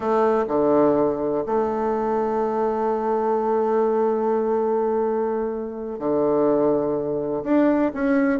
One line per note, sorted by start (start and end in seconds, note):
0.00 0.45 A3
0.48 1.44 D3
1.46 5.99 A3
5.99 7.43 D3
7.43 7.91 D4
7.94 8.39 C#4